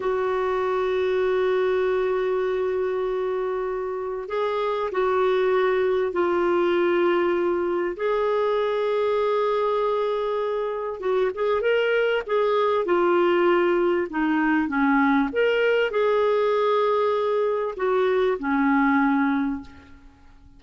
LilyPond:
\new Staff \with { instrumentName = "clarinet" } { \time 4/4 \tempo 4 = 98 fis'1~ | fis'2. gis'4 | fis'2 f'2~ | f'4 gis'2.~ |
gis'2 fis'8 gis'8 ais'4 | gis'4 f'2 dis'4 | cis'4 ais'4 gis'2~ | gis'4 fis'4 cis'2 | }